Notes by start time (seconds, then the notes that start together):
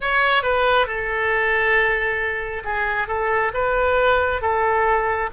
0.00 C#5
0.42 B4
0.86 A4
2.64 G#4
3.07 A4
3.53 B4
4.41 A4